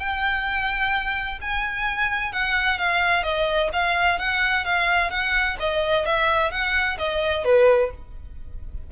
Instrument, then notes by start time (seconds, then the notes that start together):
violin
0.00 G5
1.41 G#5
2.32 F#5
2.79 F5
3.23 D#5
3.73 F5
4.19 F#5
4.65 F5
5.10 F#5
5.60 D#5
6.06 E5
6.51 F#5
6.98 D#5
7.44 B4